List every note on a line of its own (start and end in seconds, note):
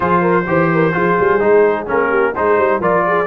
0.00 0.46 F3
0.00 0.43 F4
0.00 0.21 G#4
0.00 1.86 C5
0.21 0.45 A#4
0.47 0.94 E3
0.47 0.92 G4
0.47 0.72 C5
0.73 0.94 A#4
0.92 1.17 F3
0.92 1.39 F4
0.92 2.09 G#4
1.19 1.41 G3
1.39 1.88 G#3
1.39 1.86 D#4
1.86 2.35 A#3
1.86 2.33 C#4
1.86 2.35 A#4
2.09 2.32 G4
2.35 2.57 G#3
2.35 2.81 D#4
2.35 2.57 G#4
2.35 2.82 C5
2.57 2.79 G3
2.57 2.80 C5
2.79 3.26 F3
2.79 3.26 F4
2.79 3.04 A#4
2.79 3.26 D5
3.07 3.26 G#4